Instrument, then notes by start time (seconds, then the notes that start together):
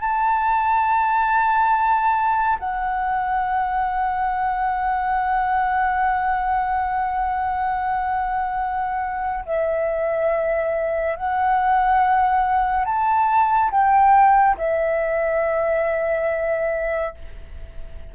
flute
0.00 A5
2.59 F#5
9.45 E5
11.16 F#5
12.85 A5
13.71 G5
14.57 E5